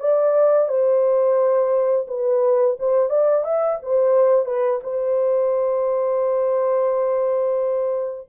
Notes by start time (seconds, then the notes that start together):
0.00 D5
0.68 C5
2.08 B4
2.79 C5
3.10 D5
3.44 E5
3.82 C5
4.45 B4
4.83 C5